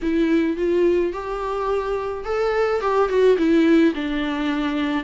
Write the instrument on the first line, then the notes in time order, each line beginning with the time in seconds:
viola
0.02 E4
0.57 F4
1.12 G4
2.25 A4
2.80 G4
3.08 F#4
3.37 E4
3.94 D4